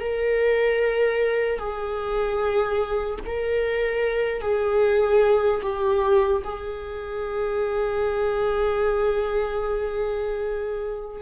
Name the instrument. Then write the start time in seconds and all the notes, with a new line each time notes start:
viola
0.00 A#4
1.59 G#4
3.26 A#4
4.41 G#4
5.62 G4
6.44 G#4